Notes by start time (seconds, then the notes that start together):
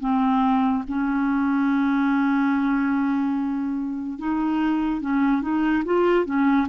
0.00 C4
0.87 C#4
4.19 D#4
5.01 C#4
5.42 D#4
5.84 F4
6.25 C#4